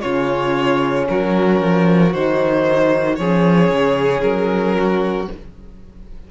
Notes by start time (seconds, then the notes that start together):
0.00 C#3 C#4 F4 C#5
1.08 F#3 F#4 A#4
1.61 F3
2.12 D#3 D#4 C5
3.15 F3 C#4 G#4 C#5
3.70 C#3
4.21 F#3 A#4
4.78 F#4